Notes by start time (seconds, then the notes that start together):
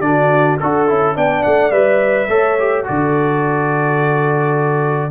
0.00 D3 D4 F#4 D5
0.60 D4 F#4 A4
0.88 C#4 E4
1.15 B3 D4 D5 G5
1.43 A3 F#5
1.71 G3 B4 E5
2.28 A3 A4 C#5
2.59 G4
2.84 D3 F#4 A4 D5